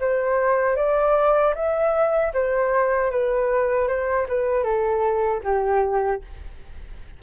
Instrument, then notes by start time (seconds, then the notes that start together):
flute
0.00 C5
0.76 D5
1.55 E5
2.34 C5
3.11 B4
3.88 C5
4.29 B4
4.64 A4
5.44 G4